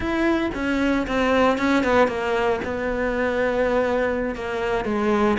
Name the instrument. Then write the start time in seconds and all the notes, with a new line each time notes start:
cello
0.00 E4
0.54 C#4
1.07 C4
1.57 C#4
1.83 B3
2.07 A#3
2.64 B3
4.35 A#3
4.84 G#3